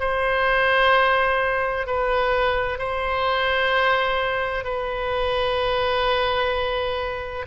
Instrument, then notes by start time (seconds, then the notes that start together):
oboe
0.00 C5
1.87 B4
2.79 C5
4.64 B4